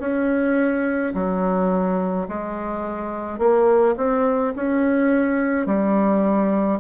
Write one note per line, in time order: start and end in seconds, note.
0.00 1.13 C#4
1.14 2.27 F#3
2.28 3.39 G#3
3.39 3.95 A#3
3.97 4.54 C4
4.56 5.67 C#4
5.67 6.80 G3